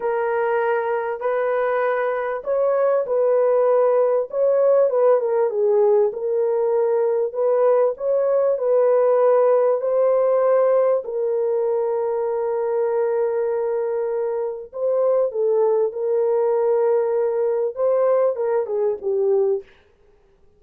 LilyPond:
\new Staff \with { instrumentName = "horn" } { \time 4/4 \tempo 4 = 98 ais'2 b'2 | cis''4 b'2 cis''4 | b'8 ais'8 gis'4 ais'2 | b'4 cis''4 b'2 |
c''2 ais'2~ | ais'1 | c''4 a'4 ais'2~ | ais'4 c''4 ais'8 gis'8 g'4 | }